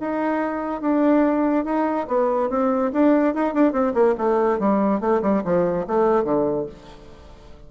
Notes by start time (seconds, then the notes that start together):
0.00 D#4
0.82 D4
1.65 D#4
2.08 B3
2.50 C4
2.93 D4
3.35 D#4
3.54 D4
3.72 C4
3.94 A#3
4.18 A3
4.59 G3
5.01 A3
5.22 G3
5.45 F3
5.87 A3
6.24 D3